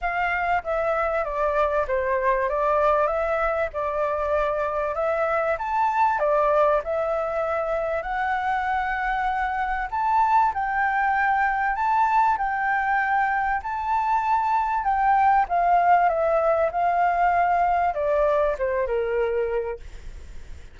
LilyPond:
\new Staff \with { instrumentName = "flute" } { \time 4/4 \tempo 4 = 97 f''4 e''4 d''4 c''4 | d''4 e''4 d''2 | e''4 a''4 d''4 e''4~ | e''4 fis''2. |
a''4 g''2 a''4 | g''2 a''2 | g''4 f''4 e''4 f''4~ | f''4 d''4 c''8 ais'4. | }